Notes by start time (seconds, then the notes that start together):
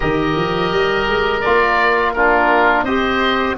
0.00 D#3 G4 A#4 D#5
0.36 F3
0.71 G3
1.06 G#3
1.40 A#3 F4 D5
2.13 D4 F4 A#4
2.83 C4 G4 C5 D#5